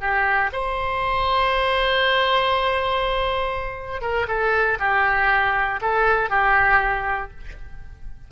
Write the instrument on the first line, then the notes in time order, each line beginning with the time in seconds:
oboe
0.00 G4
0.53 C5
4.02 A#4
4.28 A4
4.79 G4
5.81 A4
6.30 G4